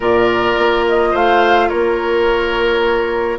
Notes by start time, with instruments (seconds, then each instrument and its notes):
0.00 bassoon A#2, clarinet F4, oboe A#4, flute D5
0.57 bassoon A#3
0.88 flute D#5
1.11 bassoon A3, oboe C5, flute F5
1.68 bassoon A#3, oboe A#4, flute C#5